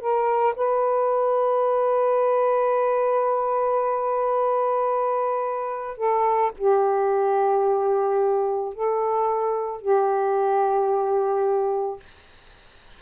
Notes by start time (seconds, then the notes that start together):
0.00 A#4
0.56 B4
5.97 A4
6.57 G4
8.74 A4
9.81 G4